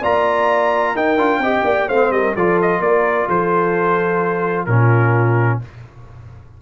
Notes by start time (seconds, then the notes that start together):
0.00 A#3 F4 D5 A#5
0.93 D#4 A#4 G5
1.17 D4 F4
1.38 C4 G4 D#5
1.64 A#3 D5
1.88 A3 C4 C5 F5
2.10 G3 A#4 D#5
2.35 F3 F4 A4 D5
2.61 D#5
2.79 A#3 A#4 D5
3.27 F3 A4 C5
4.65 A#2 C#4 F4 A#4